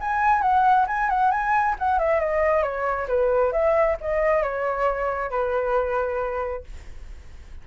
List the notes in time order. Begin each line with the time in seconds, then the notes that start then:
0.00 G#5
0.41 F#5
0.87 G#5
1.09 F#5
1.31 G#5
1.79 F#5
1.99 E5
2.20 D#5
2.62 C#5
3.08 B4
3.52 E5
4.01 D#5
4.43 C#5
5.30 B4